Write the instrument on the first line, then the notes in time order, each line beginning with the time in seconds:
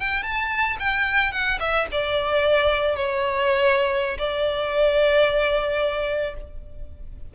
violin
0.00 G5
0.23 A5
0.79 G5
1.32 F#5
1.60 E5
1.92 D5
2.96 C#5
4.18 D5